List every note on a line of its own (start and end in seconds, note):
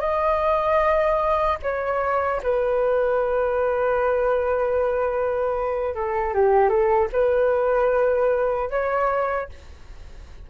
0.00 1.58 D#5
1.63 2.42 C#5
2.43 5.95 B4
5.95 6.34 A4
6.34 6.69 G4
6.69 7.09 A4
7.13 8.70 B4
8.70 9.49 C#5